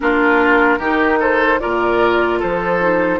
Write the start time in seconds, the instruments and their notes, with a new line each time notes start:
0.00 bassoon A#3, clarinet D4, oboe F4, flute A#4
0.78 bassoon D#3, clarinet D#4, oboe G4
1.19 oboe A4, flute C5
1.59 bassoon A#2, clarinet F4, oboe A#4, flute D5
2.39 bassoon F3, oboe A4, flute C5
2.80 clarinet D#4